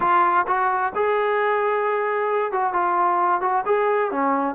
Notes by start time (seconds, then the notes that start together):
0.00 F4
0.47 F#4
0.95 G#4
2.52 F#4
2.73 F4
3.41 F#4
3.65 G#4
4.11 C#4